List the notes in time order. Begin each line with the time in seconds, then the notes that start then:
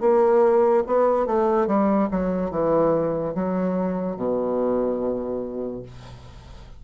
0.00 A#3
0.87 B3
1.26 A3
1.67 G3
2.11 F#3
2.51 E3
3.34 F#3
4.16 B2